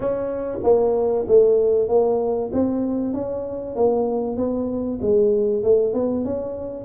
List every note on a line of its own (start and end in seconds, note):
0.00 0.58 C#4
0.63 1.25 A#3
1.27 1.88 A3
1.88 2.51 A#3
2.52 3.13 C4
3.13 3.75 C#4
3.75 4.36 A#3
4.36 4.99 B3
5.01 5.63 G#3
5.63 5.93 A3
5.93 6.24 B3
6.24 6.84 C#4